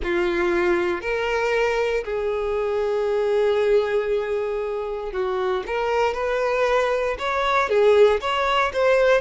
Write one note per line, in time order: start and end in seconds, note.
0.03 1.01 F4
1.01 2.03 A#4
2.04 5.12 G#4
5.12 5.63 F#4
5.66 6.14 A#4
6.14 7.16 B4
7.19 7.69 C#5
7.69 8.20 G#4
8.20 8.72 C#5
8.73 9.21 C5